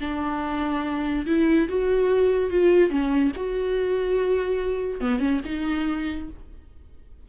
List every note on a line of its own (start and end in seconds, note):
0.00 1.26 D4
1.26 1.68 E4
1.69 2.50 F#4
2.50 2.90 F4
2.90 3.32 C#4
3.36 5.00 F#4
5.00 5.20 B3
5.20 5.40 C#4
5.45 6.29 D#4